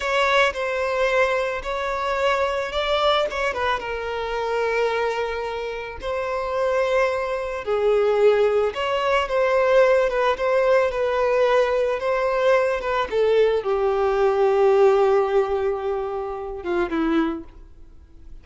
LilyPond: \new Staff \with { instrumentName = "violin" } { \time 4/4 \tempo 4 = 110 cis''4 c''2 cis''4~ | cis''4 d''4 cis''8 b'8 ais'4~ | ais'2. c''4~ | c''2 gis'2 |
cis''4 c''4. b'8 c''4 | b'2 c''4. b'8 | a'4 g'2.~ | g'2~ g'8 f'8 e'4 | }